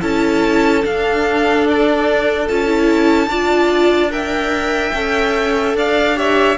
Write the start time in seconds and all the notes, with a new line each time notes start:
0.00 C#4 E4 A4 A5
0.83 D4 F5
1.67 D5
2.48 C#4 F4 A5
2.66 E4
3.27 D4 F4 D5
4.10 A#4 E5 G5
4.94 C#4 A4
5.74 D4 D5 F5
6.15 G4 C#5 E5